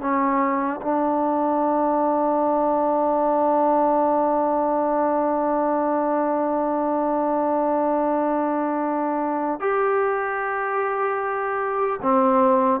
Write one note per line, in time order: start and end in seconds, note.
0.00 0.80 C#4
0.81 9.60 D4
9.60 12.00 G4
12.02 12.80 C4